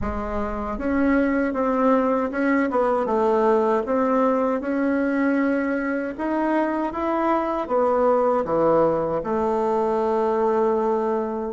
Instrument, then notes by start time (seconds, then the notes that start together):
bassoon
0.01 G#3
0.77 C#4
1.53 C4
2.31 C#4
2.70 B3
3.06 A3
3.86 C4
4.60 C#4
6.18 D#4
6.92 E4
7.67 B3
8.44 E3
9.23 A3